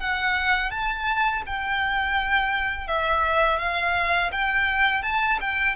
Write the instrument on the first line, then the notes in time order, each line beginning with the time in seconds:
violin
0.00 F#5
0.71 A5
1.46 G5
2.88 E5
3.59 F5
4.32 G5
5.02 A5
5.41 G5